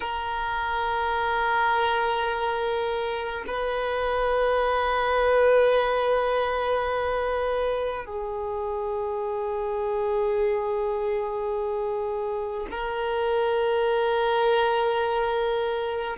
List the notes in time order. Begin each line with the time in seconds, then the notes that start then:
0.00 A#4
3.47 B4
8.05 G#4
12.70 A#4